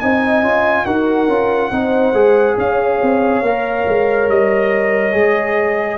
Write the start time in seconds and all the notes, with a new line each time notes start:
0.00 C4 D#4 D#5 G#5
0.43 C#4 F4
0.86 D#4 F#4 A#4 F#5
1.28 C#4 F4
1.71 C4 D#4 C5
2.13 G#3 G#4
2.57 C#4 C#5 F5
3.03 C4
3.43 A#3 A#4
3.88 G#3
4.29 G3 D#5
5.12 G#3 G#4